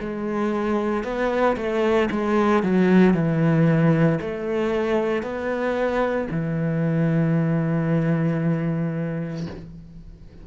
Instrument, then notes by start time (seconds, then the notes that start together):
cello
0.00 G#3
1.03 B3
1.56 A3
2.11 G#3
2.63 F#3
3.13 E3
4.21 A3
5.22 B3
6.31 E3